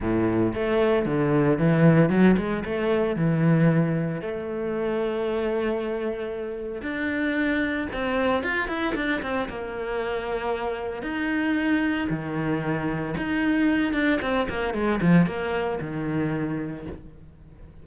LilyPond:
\new Staff \with { instrumentName = "cello" } { \time 4/4 \tempo 4 = 114 a,4 a4 d4 e4 | fis8 gis8 a4 e2 | a1~ | a4 d'2 c'4 |
f'8 e'8 d'8 c'8 ais2~ | ais4 dis'2 dis4~ | dis4 dis'4. d'8 c'8 ais8 | gis8 f8 ais4 dis2 | }